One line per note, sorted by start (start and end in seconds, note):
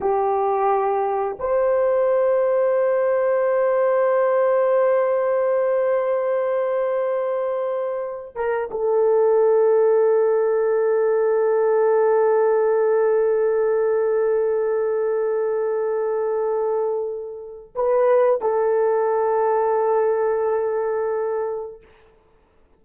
0.01 1.37 G4
1.39 8.35 C5
8.35 8.69 A#4
8.71 17.74 A4
17.75 18.41 B4
18.41 21.82 A4